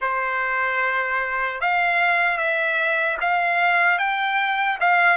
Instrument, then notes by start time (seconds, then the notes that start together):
trumpet
0.01 C5
1.60 F5
2.37 E5
3.20 F5
3.98 G5
4.80 F5